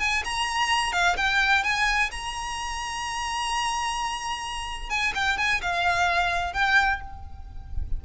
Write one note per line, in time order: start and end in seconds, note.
0.00 0.23 G#5
0.25 0.93 A#5
0.93 1.16 F5
1.17 1.64 G5
1.64 2.11 G#5
2.12 4.90 A#5
4.90 5.13 G#5
5.15 5.38 G5
5.38 5.62 G#5
5.62 6.54 F5
6.54 7.01 G5